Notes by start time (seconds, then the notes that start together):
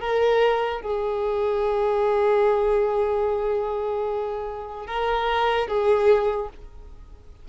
0.00 A#4
0.81 G#4
4.86 A#4
5.68 G#4